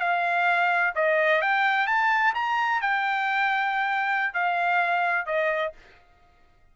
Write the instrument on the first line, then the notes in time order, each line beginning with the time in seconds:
trumpet
0.00 F5
0.95 D#5
1.41 G5
1.86 A5
2.34 A#5
2.81 G5
4.34 F5
5.26 D#5